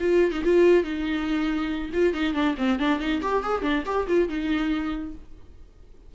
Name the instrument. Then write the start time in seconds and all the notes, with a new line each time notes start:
viola
0.00 F4
0.32 D#4
0.44 F4
0.83 D#4
1.93 F4
2.14 D#4
2.34 D4
2.58 C4
2.79 D4
2.99 D#4
3.22 G4
3.43 G#4
3.62 D4
3.86 G4
4.08 F4
4.29 D#4